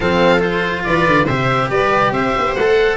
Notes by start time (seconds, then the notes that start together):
0.00 F3 C4 A4 F5
0.39 F4 C5
0.84 E3 B4 D5
1.06 D3
1.25 C3 G4 C5 E5
1.69 G3 B4 D5
2.11 C4 C5 E5
2.37 B3
2.55 A3 A4 F#5